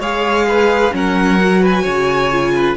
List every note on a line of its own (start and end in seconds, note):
0.00 0.92 G#3
0.00 0.92 G#4
0.00 0.46 C#5
0.00 0.94 F5
0.48 0.94 B4
0.92 1.85 F#3
0.92 1.38 C#4
0.92 1.62 A#4
0.92 1.64 F#5
1.41 2.31 F#4
1.62 1.83 B4
1.62 2.77 G#5
1.83 2.77 C#3
1.83 2.52 C#5
2.31 2.77 F4
2.56 2.77 B4